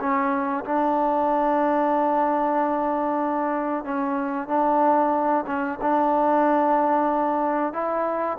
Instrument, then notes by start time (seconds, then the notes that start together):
trombone
0.00 C#4
0.65 D4
3.84 C#4
4.48 D4
5.47 C#4
5.82 D4
7.74 E4